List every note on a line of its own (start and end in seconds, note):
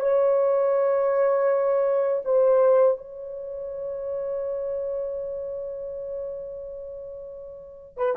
0.00 2.22 C#5
2.25 2.98 C5
2.98 7.97 C#5
7.97 8.16 B4